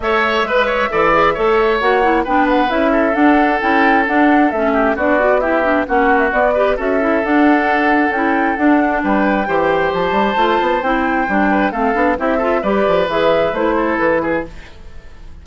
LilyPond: <<
  \new Staff \with { instrumentName = "flute" } { \time 4/4 \tempo 4 = 133 e''1 | fis''4 g''8 fis''8 e''4 fis''4 | g''4 fis''4 e''4 d''4 | e''4 fis''8. e''16 d''4 e''4 |
fis''2 g''4 fis''4 | g''2 a''2 | g''2 f''4 e''4 | d''4 e''4 c''4 b'4 | }
  \new Staff \with { instrumentName = "oboe" } { \time 4/4 cis''4 b'8 cis''8 d''4 cis''4~ | cis''4 b'4. a'4.~ | a'2~ a'8 g'8 fis'4 | g'4 fis'4. b'8 a'4~ |
a'1 | b'4 c''2.~ | c''4. b'8 a'4 g'8 a'8 | b'2~ b'8 a'4 gis'8 | }
  \new Staff \with { instrumentName = "clarinet" } { \time 4/4 a'4 b'4 a'8 gis'8 a'4 | fis'8 e'8 d'4 e'4 d'4 | e'4 d'4 cis'4 d'8 fis'8 | e'8 d'8 cis'4 b8 g'8 fis'8 e'8 |
d'2 e'4 d'4~ | d'4 g'2 f'4 | e'4 d'4 c'8 d'8 e'8 f'8 | g'4 gis'4 e'2 | }
  \new Staff \with { instrumentName = "bassoon" } { \time 4/4 a4 gis4 e4 a4 | ais4 b4 cis'4 d'4 | cis'4 d'4 a4 b4~ | b4 ais4 b4 cis'4 |
d'2 cis'4 d'4 | g4 e4 f8 g8 a8 b8 | c'4 g4 a8 b8 c'4 | g8 f8 e4 a4 e4 | }
>>